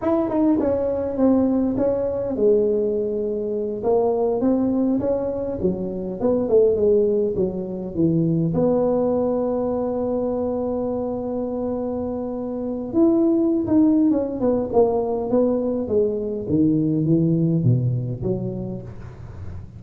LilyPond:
\new Staff \with { instrumentName = "tuba" } { \time 4/4 \tempo 4 = 102 e'8 dis'8 cis'4 c'4 cis'4 | gis2~ gis8 ais4 c'8~ | c'8 cis'4 fis4 b8 a8 gis8~ | gis8 fis4 e4 b4.~ |
b1~ | b2 e'4~ e'16 dis'8. | cis'8 b8 ais4 b4 gis4 | dis4 e4 b,4 fis4 | }